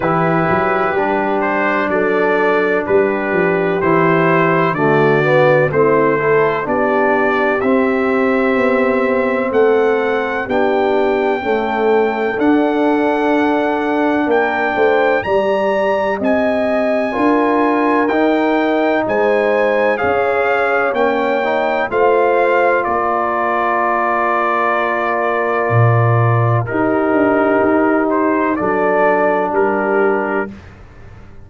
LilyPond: <<
  \new Staff \with { instrumentName = "trumpet" } { \time 4/4 \tempo 4 = 63 b'4. c''8 d''4 b'4 | c''4 d''4 c''4 d''4 | e''2 fis''4 g''4~ | g''4 fis''2 g''4 |
ais''4 gis''2 g''4 | gis''4 f''4 g''4 f''4 | d''1 | ais'4. c''8 d''4 ais'4 | }
  \new Staff \with { instrumentName = "horn" } { \time 4/4 g'2 a'4 g'4~ | g'4 fis'4 e'8 a'8 g'4~ | g'2 a'4 g'4 | a'2. ais'8 c''8 |
d''4 dis''4 ais'2 | c''4 cis''2 c''4 | ais'1 | g'2 a'4 g'4 | }
  \new Staff \with { instrumentName = "trombone" } { \time 4/4 e'4 d'2. | e'4 a8 b8 c'8 e'8 d'4 | c'2. d'4 | a4 d'2. |
g'2 f'4 dis'4~ | dis'4 gis'4 cis'8 dis'8 f'4~ | f'1 | dis'2 d'2 | }
  \new Staff \with { instrumentName = "tuba" } { \time 4/4 e8 fis8 g4 fis4 g8 f8 | e4 d4 a4 b4 | c'4 b4 a4 b4 | cis'4 d'2 ais8 a8 |
g4 c'4 d'4 dis'4 | gis4 cis'4 ais4 a4 | ais2. ais,4 | dis'8 d'8 dis'4 fis4 g4 | }
>>